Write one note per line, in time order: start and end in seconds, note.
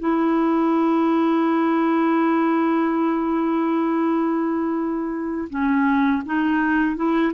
0.00 5.49 E4
5.50 6.23 C#4
6.26 6.96 D#4
6.96 7.33 E4